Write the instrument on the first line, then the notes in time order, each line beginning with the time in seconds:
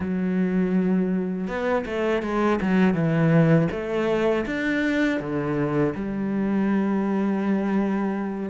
cello
0.00 F#3
1.47 B3
1.85 A3
2.22 G#3
2.61 F#3
2.94 E3
3.71 A3
4.45 D4
5.20 D3
5.95 G3